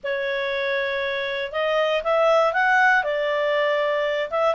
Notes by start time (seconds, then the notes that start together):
0.03 C#5
1.52 D#5
2.03 E5
2.53 F#5
3.03 D5
4.30 E5